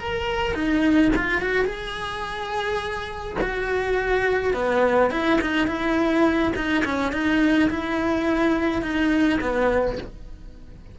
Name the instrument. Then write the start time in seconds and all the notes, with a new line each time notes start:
cello
0.00 A#4
0.55 D#4
1.16 F4
1.42 F#4
1.65 G#4
3.42 F#4
4.54 B3
5.11 E4
5.42 D#4
5.68 E4
6.56 D#4
6.85 C#4
7.13 D#4
7.70 E4
8.83 D#4
9.41 B3